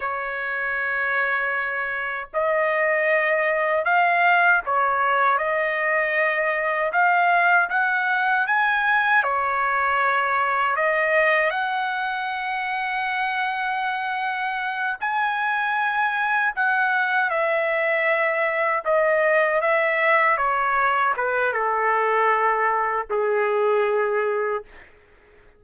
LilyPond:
\new Staff \with { instrumentName = "trumpet" } { \time 4/4 \tempo 4 = 78 cis''2. dis''4~ | dis''4 f''4 cis''4 dis''4~ | dis''4 f''4 fis''4 gis''4 | cis''2 dis''4 fis''4~ |
fis''2.~ fis''8 gis''8~ | gis''4. fis''4 e''4.~ | e''8 dis''4 e''4 cis''4 b'8 | a'2 gis'2 | }